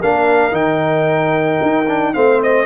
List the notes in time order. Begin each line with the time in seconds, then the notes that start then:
0.00 A#3 D4 A#4 F5
0.51 D#3 D#4 G5
1.62 D#4
1.87 D4
2.13 A3 C4 C5 F5
2.42 D#5